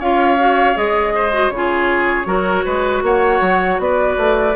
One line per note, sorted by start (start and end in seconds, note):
0.00 0.76 C#4
0.00 0.39 F4
0.00 1.14 C#5
0.00 0.77 F5
0.39 0.75 F#4
0.75 1.50 G#3
0.75 1.32 G#4
0.75 1.50 D#5
1.15 1.53 C5
1.32 1.51 F#4
1.50 2.26 C#3
1.50 2.26 F4
1.50 3.02 C#5
1.57 2.28 G#4
2.26 2.64 F#3
2.26 4.53 F#4
2.26 2.65 A#4
2.65 3.03 G#3
2.65 3.03 B4
3.03 3.41 A#3
3.03 3.81 C#5
3.03 3.81 F#5
3.41 3.79 F#3
3.79 4.17 B3
3.79 4.56 B4
3.79 4.56 D5
4.17 4.55 A3